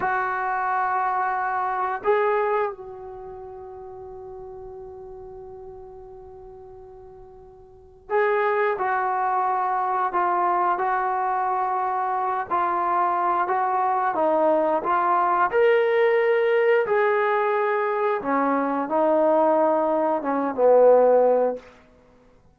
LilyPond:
\new Staff \with { instrumentName = "trombone" } { \time 4/4 \tempo 4 = 89 fis'2. gis'4 | fis'1~ | fis'1 | gis'4 fis'2 f'4 |
fis'2~ fis'8 f'4. | fis'4 dis'4 f'4 ais'4~ | ais'4 gis'2 cis'4 | dis'2 cis'8 b4. | }